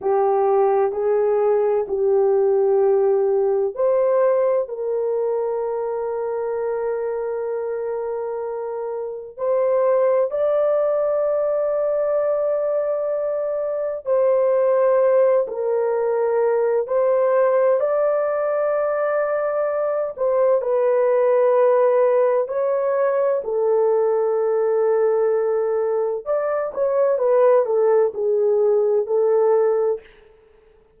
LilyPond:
\new Staff \with { instrumentName = "horn" } { \time 4/4 \tempo 4 = 64 g'4 gis'4 g'2 | c''4 ais'2.~ | ais'2 c''4 d''4~ | d''2. c''4~ |
c''8 ais'4. c''4 d''4~ | d''4. c''8 b'2 | cis''4 a'2. | d''8 cis''8 b'8 a'8 gis'4 a'4 | }